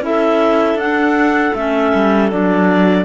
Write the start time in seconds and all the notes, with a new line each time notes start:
0.00 C#4 E4 A4 E5
0.75 D4 F#5
1.54 A3 C#4 E5
1.94 G3
2.31 F#3 D4 D5